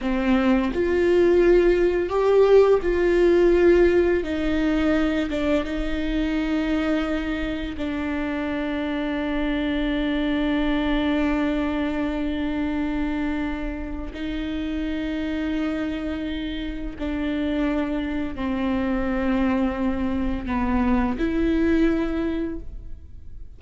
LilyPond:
\new Staff \with { instrumentName = "viola" } { \time 4/4 \tempo 4 = 85 c'4 f'2 g'4 | f'2 dis'4. d'8 | dis'2. d'4~ | d'1~ |
d'1 | dis'1 | d'2 c'2~ | c'4 b4 e'2 | }